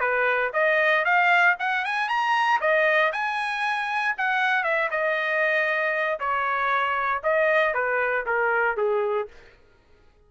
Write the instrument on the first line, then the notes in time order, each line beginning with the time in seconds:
trumpet
0.00 B4
0.53 D#5
1.05 F5
1.59 F#5
1.85 G#5
2.09 A#5
2.61 D#5
3.13 G#5
4.18 F#5
4.64 E5
4.91 D#5
6.20 C#5
7.23 D#5
7.74 B4
8.26 A#4
8.77 G#4